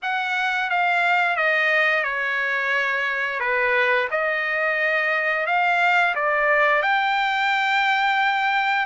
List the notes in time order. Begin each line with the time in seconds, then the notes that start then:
0.02 F#5
0.70 F5
1.36 D#5
2.03 C#5
3.39 B4
4.10 D#5
5.46 F5
6.15 D5
6.82 G5